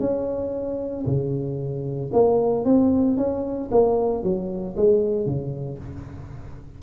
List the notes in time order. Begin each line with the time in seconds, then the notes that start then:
0.00 C#4
1.06 C#3
2.13 A#3
2.65 C4
3.17 C#4
3.71 A#3
4.23 F#3
4.76 G#3
5.26 C#3